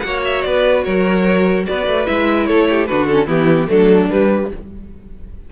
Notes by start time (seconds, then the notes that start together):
0.00 A#3 F#4 F#5
0.06 C#5
0.25 E5
0.42 B3 B4 D5
0.84 F#3 A#4 C#5
1.67 B3 B4 D5
1.87 A3
2.06 G#3 E4 E5
2.46 A3 A4 C#5
2.69 G4
2.86 D3 D4 F#4 B4
3.07 C#4 A4
3.27 E3 B3 E4 G4
3.67 F#3 A3 D4 A4
4.10 G3 B4